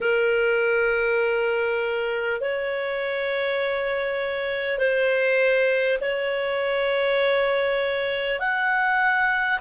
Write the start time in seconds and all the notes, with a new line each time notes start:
0.01 A#4
2.40 C#5
4.78 C5
6.00 C#5
8.39 F#5